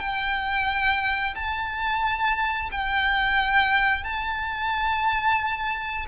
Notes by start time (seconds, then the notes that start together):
0.00 G5
1.35 A5
2.72 G5
4.04 A5